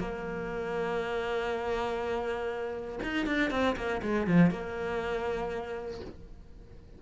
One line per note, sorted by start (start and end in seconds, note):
0.00 3.00 A#3
3.04 3.27 D#4
3.27 3.51 D4
3.51 3.76 C4
3.77 4.02 A#3
4.03 4.27 G#3
4.27 4.51 F3
4.51 6.01 A#3